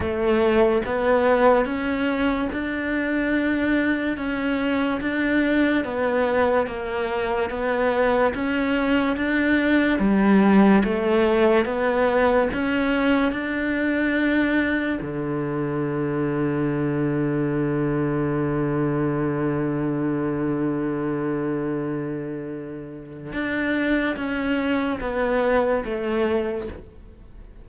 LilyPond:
\new Staff \with { instrumentName = "cello" } { \time 4/4 \tempo 4 = 72 a4 b4 cis'4 d'4~ | d'4 cis'4 d'4 b4 | ais4 b4 cis'4 d'4 | g4 a4 b4 cis'4 |
d'2 d2~ | d1~ | d1 | d'4 cis'4 b4 a4 | }